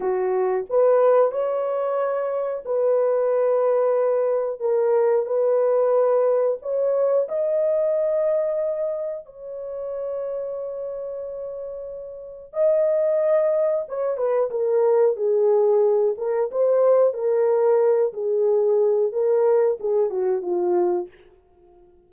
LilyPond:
\new Staff \with { instrumentName = "horn" } { \time 4/4 \tempo 4 = 91 fis'4 b'4 cis''2 | b'2. ais'4 | b'2 cis''4 dis''4~ | dis''2 cis''2~ |
cis''2. dis''4~ | dis''4 cis''8 b'8 ais'4 gis'4~ | gis'8 ais'8 c''4 ais'4. gis'8~ | gis'4 ais'4 gis'8 fis'8 f'4 | }